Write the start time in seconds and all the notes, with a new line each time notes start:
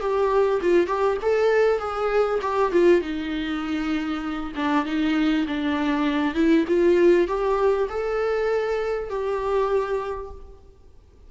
0.00 G4
0.61 F4
0.87 G4
1.22 A4
1.79 G#4
2.42 G4
2.72 F4
3.01 D#4
4.56 D4
4.86 D#4
5.47 D4
6.35 E4
6.68 F4
7.28 G4
7.89 A4
9.10 G4